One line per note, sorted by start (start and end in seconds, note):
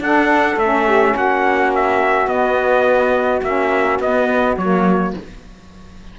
0.00 0.57 D4
0.00 0.58 D4
0.00 0.85 A4
0.00 0.59 F#5
0.57 1.14 A3
0.57 2.29 C#4
0.57 1.16 E5
0.85 1.14 G4
1.14 2.27 A#3
1.14 5.14 F#4
1.14 1.74 F#5
1.75 2.28 E5
2.27 3.41 B3
2.27 3.43 B3
2.27 3.42 D#5
3.42 3.99 A#3
3.42 4.01 C#4
3.42 4.01 E5
3.99 4.56 B3
3.99 4.58 B3
3.99 4.58 D#5
4.57 5.14 F#3
4.57 5.19 A#3
4.57 5.15 C#5